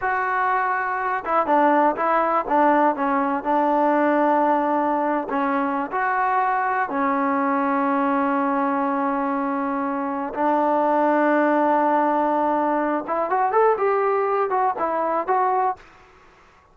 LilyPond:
\new Staff \with { instrumentName = "trombone" } { \time 4/4 \tempo 4 = 122 fis'2~ fis'8 e'8 d'4 | e'4 d'4 cis'4 d'4~ | d'2~ d'8. cis'4~ cis'16 | fis'2 cis'2~ |
cis'1~ | cis'4 d'2.~ | d'2~ d'8 e'8 fis'8 a'8 | g'4. fis'8 e'4 fis'4 | }